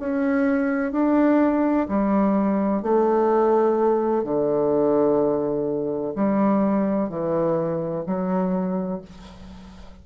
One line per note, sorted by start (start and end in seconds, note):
0.00 0.92 C#4
0.92 1.87 D4
1.88 2.83 G3
2.83 4.24 A3
4.24 6.14 D3
6.15 7.09 G3
7.09 8.04 E3
8.06 9.02 F#3